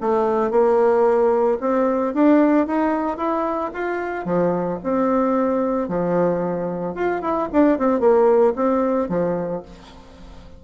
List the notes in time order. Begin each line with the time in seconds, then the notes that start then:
0.00 A3
0.50 A#3
1.60 C4
2.14 D4
2.66 D#4
3.17 E4
3.73 F4
4.25 F3
4.83 C4
5.88 F3
6.94 F4
7.21 E4
7.52 D4
7.78 C4
8.00 A#3
8.55 C4
9.09 F3